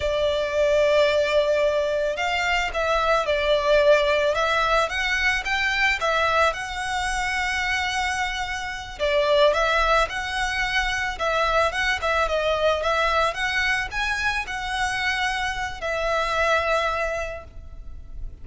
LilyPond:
\new Staff \with { instrumentName = "violin" } { \time 4/4 \tempo 4 = 110 d''1 | f''4 e''4 d''2 | e''4 fis''4 g''4 e''4 | fis''1~ |
fis''8 d''4 e''4 fis''4.~ | fis''8 e''4 fis''8 e''8 dis''4 e''8~ | e''8 fis''4 gis''4 fis''4.~ | fis''4 e''2. | }